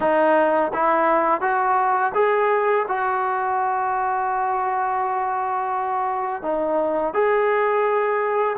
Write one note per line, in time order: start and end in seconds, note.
0.00 0.71 D#4
0.73 1.41 E4
1.41 2.12 F#4
2.14 2.85 G#4
2.88 6.42 F#4
6.42 7.13 D#4
7.13 8.56 G#4